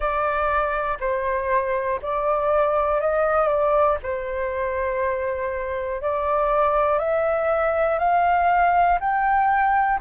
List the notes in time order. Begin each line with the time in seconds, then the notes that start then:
0.00 D5
1.00 C5
2.02 D5
3.00 D#5
3.47 D5
4.02 C5
6.01 D5
6.99 E5
7.98 F5
9.00 G5